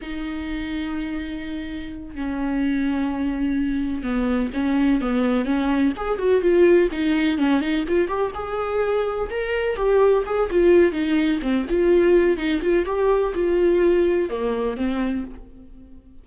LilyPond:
\new Staff \with { instrumentName = "viola" } { \time 4/4 \tempo 4 = 126 dis'1~ | dis'8 cis'2.~ cis'8~ | cis'8 b4 cis'4 b4 cis'8~ | cis'8 gis'8 fis'8 f'4 dis'4 cis'8 |
dis'8 f'8 g'8 gis'2 ais'8~ | ais'8 g'4 gis'8 f'4 dis'4 | c'8 f'4. dis'8 f'8 g'4 | f'2 ais4 c'4 | }